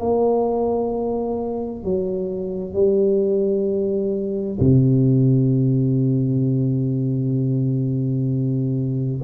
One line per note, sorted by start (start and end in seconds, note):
0.00 1.84 A#3
1.84 2.74 F#3
2.74 4.59 G3
4.60 9.22 C3